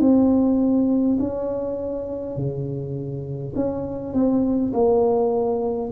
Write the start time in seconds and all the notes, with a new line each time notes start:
0.00 C4
1.20 C#4
2.36 C#3
3.56 C#4
4.14 C4
4.74 A#3